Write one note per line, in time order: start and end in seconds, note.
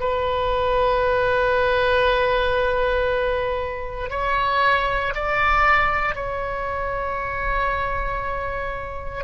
0.00 4.10 B4
4.10 5.13 C#5
5.14 6.15 D5
6.15 9.24 C#5